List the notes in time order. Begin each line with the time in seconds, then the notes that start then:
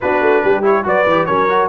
0.00 B3 D4 F#4 B4
0.20 A3
0.43 G3 G4
0.62 E4 C#5
0.83 F#3 F#4 B4 D5
1.05 E3 G4
1.25 F#3 C#4 A#4 C#5
1.48 F#4